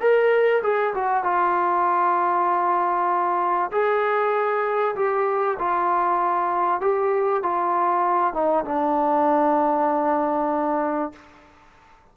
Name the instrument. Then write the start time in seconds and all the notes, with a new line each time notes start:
trombone
0.00 A#4
0.62 G#4
0.94 F#4
1.23 F4
3.71 G#4
4.95 G4
5.58 F4
6.80 G4
7.42 F4
8.33 D#4
8.65 D4